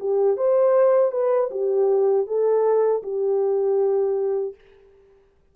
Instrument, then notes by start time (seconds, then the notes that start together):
horn
0.00 G4
0.37 C5
1.12 B4
1.51 G4
2.26 A4
3.03 G4